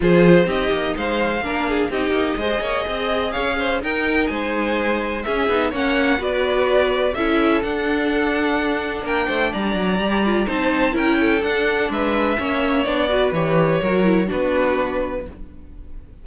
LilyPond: <<
  \new Staff \with { instrumentName = "violin" } { \time 4/4 \tempo 4 = 126 c''4 dis''4 f''2 | dis''2. f''4 | g''4 gis''2 e''4 | fis''4 d''2 e''4 |
fis''2. g''4 | ais''2 a''4 g''4 | fis''4 e''2 d''4 | cis''2 b'2 | }
  \new Staff \with { instrumentName = "violin" } { \time 4/4 gis'4 g'4 c''4 ais'8 gis'8 | g'4 c''8 cis''8 dis''4 cis''8 c''8 | ais'4 c''2 gis'4 | cis''4 b'2 a'4~ |
a'2. ais'8 c''8 | d''2 c''4 ais'8 a'8~ | a'4 b'4 cis''4. b'8~ | b'4 ais'4 fis'2 | }
  \new Staff \with { instrumentName = "viola" } { \time 4/4 f'4 dis'2 d'4 | dis'4 gis'2. | dis'2. cis'8 dis'8 | cis'4 fis'2 e'4 |
d'1~ | d'4 g'8 f'8 dis'4 e'4 | d'2 cis'4 d'8 fis'8 | g'4 fis'8 e'8 d'2 | }
  \new Staff \with { instrumentName = "cello" } { \time 4/4 f4 c'8 ais8 gis4 ais4 | c'8 ais8 gis8 ais8 c'4 cis'4 | dis'4 gis2 cis'8 b8 | ais4 b2 cis'4 |
d'2. ais8 a8 | g8 fis8 g4 c'4 cis'4 | d'4 gis4 ais4 b4 | e4 fis4 b2 | }
>>